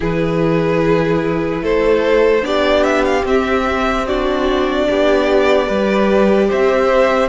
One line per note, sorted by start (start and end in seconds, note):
0.00 1.61 E3
0.00 2.41 E4
0.00 1.61 G#4
0.00 1.64 B4
1.61 2.42 A3
1.61 2.44 A4
1.61 2.45 C5
2.41 3.23 B3
2.41 3.22 D4
2.41 4.06 G4
2.41 2.83 D5
2.83 3.03 E5
3.04 3.24 F5
3.24 4.86 C4
3.24 4.05 C4
3.24 4.07 E5
4.06 5.67 D4
4.06 4.87 F#4
4.06 6.50 D5
4.89 5.69 B3
4.89 5.67 G4
5.67 6.50 G3
5.67 7.28 G4
5.67 6.48 B4
6.48 7.28 C4
6.48 7.28 C5
6.48 7.28 E5